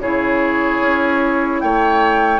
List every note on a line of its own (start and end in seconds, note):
0.00 0.80 C#3
0.00 2.40 E4
0.00 1.62 G#4
0.00 1.61 C#5
0.81 1.61 C#4
1.61 2.40 A3
1.61 2.40 C#5
1.61 2.40 G5